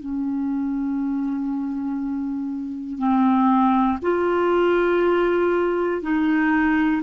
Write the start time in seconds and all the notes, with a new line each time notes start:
0.00 C#4
2.98 C4
4.02 F4
6.02 D#4